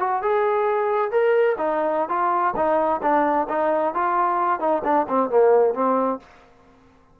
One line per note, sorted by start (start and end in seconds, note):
0.00 0.23 F#4
0.23 1.12 G#4
1.12 1.57 A#4
1.58 2.10 D#4
2.10 2.55 F4
2.57 3.02 D#4
3.03 3.48 D4
3.50 3.95 D#4
3.95 4.60 F4
4.60 4.83 D#4
4.85 5.07 D4
5.09 5.30 C4
5.30 5.75 A#3
5.75 6.20 C4